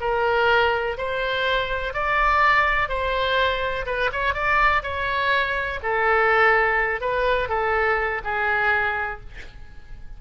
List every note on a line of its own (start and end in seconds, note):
0.00 0.97 A#4
0.97 1.94 C5
1.94 2.88 D5
2.88 3.85 C5
3.86 4.10 B4
4.12 4.34 C#5
4.34 4.82 D5
4.82 5.79 C#5
5.82 7.01 A4
7.01 7.49 B4
7.49 8.21 A4
8.23 9.20 G#4